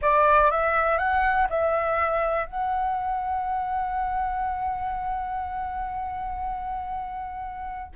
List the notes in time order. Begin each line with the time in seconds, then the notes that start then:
0.01 D5
0.50 E5
0.97 F#5
1.49 E5
2.45 F#5